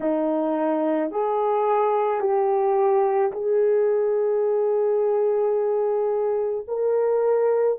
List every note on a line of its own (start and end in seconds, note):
0.00 1.11 D#4
1.11 2.20 G#4
2.20 3.31 G4
3.32 6.65 G#4
6.67 7.78 A#4